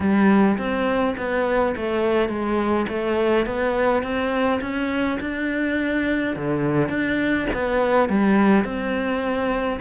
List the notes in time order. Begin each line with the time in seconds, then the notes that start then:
0.00 G3
0.57 C4
1.17 B3
1.76 A3
2.28 G#3
2.88 A3
3.46 B3
4.02 C4
4.61 C#4
5.20 D4
6.36 D3
6.88 D4
7.53 B3
8.09 G3
8.64 C4